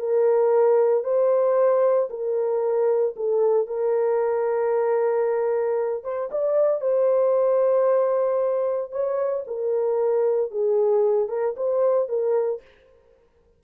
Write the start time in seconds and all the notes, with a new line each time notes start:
0.00 A#4
1.04 C5
2.10 A#4
3.17 A4
3.67 A#4
6.04 C5
6.32 D5
6.82 C5
8.92 C#5
9.47 A#4
10.51 G#4
11.29 A#4
11.57 C5
12.09 A#4